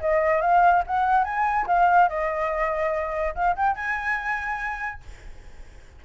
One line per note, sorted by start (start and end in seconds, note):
0.00 0.41 D#5
0.41 0.83 F5
0.87 1.24 F#5
1.24 1.66 G#5
1.67 2.08 F5
2.08 3.34 D#5
3.35 3.55 F5
3.56 3.75 G5
3.75 5.01 G#5